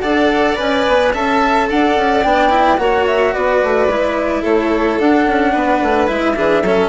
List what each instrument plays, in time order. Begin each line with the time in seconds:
0.00 bassoon D4, cello A4, violin D5, flute F#5
0.56 bassoon C#4, cello B4, flute G#5
0.88 bassoon B3
1.13 bassoon C#4, cello A4, violin E5, flute A5
1.69 bassoon D4, violin D5, flute F#5
1.96 bassoon C#4
2.23 bassoon B3, cello D4, flute G5
2.50 cello E4
2.77 bassoon A#3, cello F#4, violin C#5, flute F#5
3.06 flute E5
3.33 bassoon B3, violin B4, flute D5
3.63 bassoon A3
3.88 bassoon G#3, cello E4
4.41 bassoon A3, violin A4, flute C#5
4.99 bassoon D4, cello D4, flute F#5
5.27 bassoon C#4
5.52 bassoon B3, violin B4
5.81 bassoon A3
6.07 bassoon G#3, cello E4, flute E5
6.36 bassoon E3, cello D4, violin G#4
6.63 bassoon F#3, cello C#4, violin A4